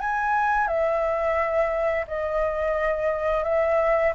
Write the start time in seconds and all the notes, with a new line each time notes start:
0.00 G#5
0.67 E5
2.07 D#5
3.44 E5